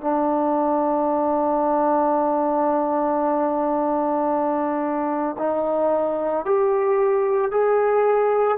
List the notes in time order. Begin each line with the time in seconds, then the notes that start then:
0.00 D4
5.38 D#4
6.45 G4
7.51 G#4